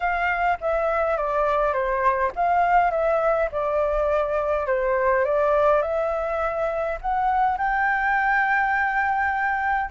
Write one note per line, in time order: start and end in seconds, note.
0.00 0.58 F5
0.60 1.17 E5
1.17 1.73 D5
1.73 2.31 C5
2.35 2.90 F5
2.90 3.49 E5
3.51 4.66 D5
4.66 5.24 C5
5.24 5.81 D5
5.81 6.98 E5
7.01 7.57 F#5
7.57 9.90 G5